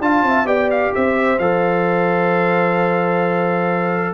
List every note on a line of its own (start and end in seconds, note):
0.00 0.22 D4
0.00 0.45 F4
0.00 0.26 F5
0.00 0.47 A5
0.22 0.45 C4
0.22 0.48 E5
0.45 0.91 B3
0.45 1.37 G4
0.45 0.94 D5
0.45 0.70 G5
0.70 0.93 F5
0.94 1.38 C4
0.94 4.14 C5
0.94 1.38 E5
1.38 4.14 F3
1.38 4.14 A4
1.38 4.14 F5